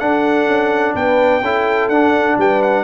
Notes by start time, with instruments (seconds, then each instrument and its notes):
0.00 trombone D4, tuba D4, horn A4, trumpet F#5
0.47 tuba C#4
0.95 tuba B3, horn B4, trumpet G5
1.42 tuba C#4, trombone E4, horn A4
1.89 tuba D4, trombone D4, trumpet F#5
2.38 tuba G3, horn B4, trumpet G5
2.63 trumpet F#5